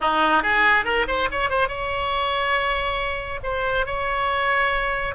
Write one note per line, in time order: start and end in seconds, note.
0.00 0.42 D#4
0.42 0.84 G#4
0.84 1.06 A#4
1.07 1.29 C5
1.31 1.49 C#5
1.49 1.68 C5
1.68 3.40 C#5
3.43 3.86 C5
3.86 5.14 C#5